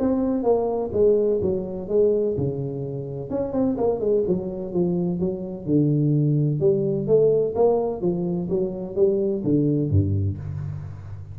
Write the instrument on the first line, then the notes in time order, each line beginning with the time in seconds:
tuba
0.00 C4
0.44 A#3
0.93 G#3
1.42 F#3
1.89 G#3
2.38 C#3
3.30 C#4
3.53 C4
3.78 A#3
4.01 G#3
4.28 F#3
4.74 F3
5.20 F#3
5.66 D3
6.60 G3
7.08 A3
7.56 A#3
8.01 F3
8.50 F#3
8.96 G3
9.44 D3
9.91 G2